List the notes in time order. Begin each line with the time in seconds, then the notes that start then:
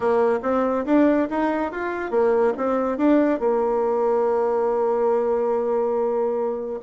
0.00 A#3
0.42 C4
0.85 D4
1.30 D#4
1.71 F4
2.10 A#3
2.57 C4
2.97 D4
3.39 A#3